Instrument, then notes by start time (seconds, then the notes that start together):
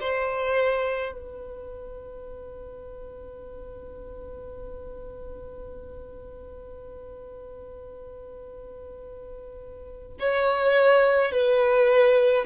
violin
0.00 C5
1.12 B4
10.19 C#5
11.31 B4